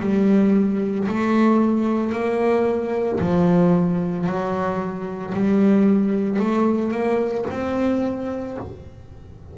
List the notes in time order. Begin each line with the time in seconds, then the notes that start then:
0.00 G3
1.08 A3
2.12 A#3
3.20 F3
4.27 F#3
5.34 G3
6.39 A3
6.91 A#3
7.50 C4